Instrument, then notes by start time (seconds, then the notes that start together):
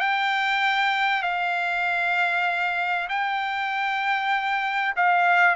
trumpet
0.00 G5
1.22 F5
3.09 G5
4.96 F5